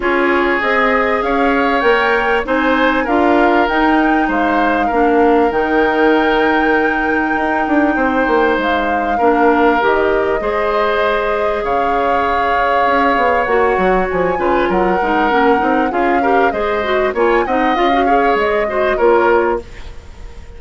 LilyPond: <<
  \new Staff \with { instrumentName = "flute" } { \time 4/4 \tempo 4 = 98 cis''4 dis''4 f''4 g''4 | gis''4 f''4 g''4 f''4~ | f''4 g''2.~ | g''2 f''2 |
dis''2. f''4~ | f''2 fis''4 gis''4 | fis''2 f''4 dis''4 | gis''8 fis''8 f''4 dis''4 cis''4 | }
  \new Staff \with { instrumentName = "oboe" } { \time 4/4 gis'2 cis''2 | c''4 ais'2 c''4 | ais'1~ | ais'4 c''2 ais'4~ |
ais'4 c''2 cis''4~ | cis''2.~ cis''8 b'8 | ais'2 gis'8 ais'8 c''4 | cis''8 dis''4 cis''4 c''8 ais'4 | }
  \new Staff \with { instrumentName = "clarinet" } { \time 4/4 f'4 gis'2 ais'4 | dis'4 f'4 dis'2 | d'4 dis'2.~ | dis'2. d'4 |
g'4 gis'2.~ | gis'2 fis'4. f'8~ | f'8 dis'8 cis'8 dis'8 f'8 g'8 gis'8 fis'8 | f'8 dis'8 f'16 fis'16 gis'4 fis'8 f'4 | }
  \new Staff \with { instrumentName = "bassoon" } { \time 4/4 cis'4 c'4 cis'4 ais4 | c'4 d'4 dis'4 gis4 | ais4 dis2. | dis'8 d'8 c'8 ais8 gis4 ais4 |
dis4 gis2 cis4~ | cis4 cis'8 b8 ais8 fis8 f8 cis8 | fis8 gis8 ais8 c'8 cis'4 gis4 | ais8 c'8 cis'4 gis4 ais4 | }
>>